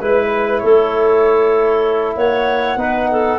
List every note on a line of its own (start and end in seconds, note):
0.00 0.62 G#3
0.00 2.78 E4
0.00 0.59 B4
0.00 0.62 B4
0.59 2.16 A3
0.59 2.17 A4
0.59 2.13 C#5
2.16 2.76 A#3
2.16 2.78 C#5
2.16 3.39 F#5
2.76 3.38 B3
2.76 3.39 D#4
2.76 3.10 B4
3.11 3.39 A4